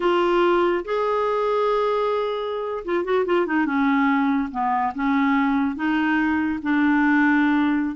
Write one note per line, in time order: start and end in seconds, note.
0.00 0.84 F4
0.84 2.84 G#4
2.84 3.04 F4
3.04 3.25 F#4
3.25 3.46 F4
3.46 3.65 D#4
3.65 4.49 C#4
4.51 4.93 B3
4.94 5.75 C#4
5.75 6.59 D#4
6.62 7.95 D4